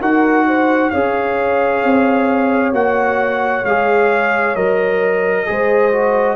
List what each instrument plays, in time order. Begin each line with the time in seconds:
0.00 tuba D#4, trombone F#4, horn A#4, trumpet F#5
0.47 horn C5
0.90 tuba C#4, trombone G#4, horn C#5, trumpet F5
1.84 tuba C4
2.73 tuba A#3, trombone F#4, trumpet F#5
3.64 tuba G#3, trombone G#4, trumpet F5
4.55 tuba F#3, trombone A#4, trumpet D#5
5.46 tuba G#3, trombone G#4, horn C5
5.92 trombone F#4